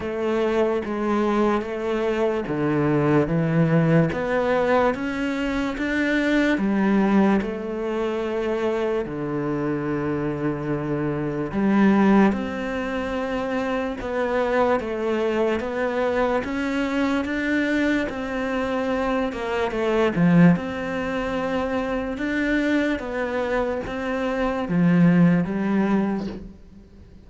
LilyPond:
\new Staff \with { instrumentName = "cello" } { \time 4/4 \tempo 4 = 73 a4 gis4 a4 d4 | e4 b4 cis'4 d'4 | g4 a2 d4~ | d2 g4 c'4~ |
c'4 b4 a4 b4 | cis'4 d'4 c'4. ais8 | a8 f8 c'2 d'4 | b4 c'4 f4 g4 | }